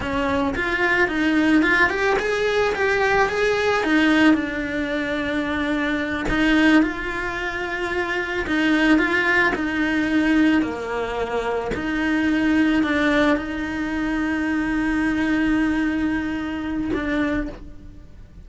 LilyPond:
\new Staff \with { instrumentName = "cello" } { \time 4/4 \tempo 4 = 110 cis'4 f'4 dis'4 f'8 g'8 | gis'4 g'4 gis'4 dis'4 | d'2.~ d'8 dis'8~ | dis'8 f'2. dis'8~ |
dis'8 f'4 dis'2 ais8~ | ais4. dis'2 d'8~ | d'8 dis'2.~ dis'8~ | dis'2. d'4 | }